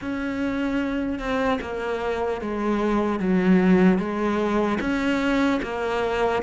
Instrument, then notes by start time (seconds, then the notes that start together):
cello
0.01 C#4
1.19 C4
1.61 A#3
2.41 G#3
3.19 F#3
3.98 G#3
4.80 C#4
5.62 A#3